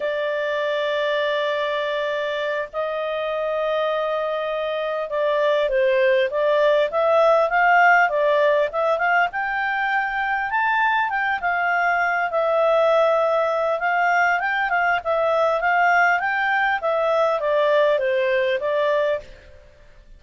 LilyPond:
\new Staff \with { instrumentName = "clarinet" } { \time 4/4 \tempo 4 = 100 d''1~ | d''8 dis''2.~ dis''8~ | dis''8 d''4 c''4 d''4 e''8~ | e''8 f''4 d''4 e''8 f''8 g''8~ |
g''4. a''4 g''8 f''4~ | f''8 e''2~ e''8 f''4 | g''8 f''8 e''4 f''4 g''4 | e''4 d''4 c''4 d''4 | }